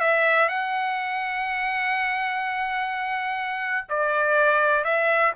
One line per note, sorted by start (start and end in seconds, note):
0.00 0.48 E5
0.48 3.87 F#5
3.89 4.84 D5
4.84 5.32 E5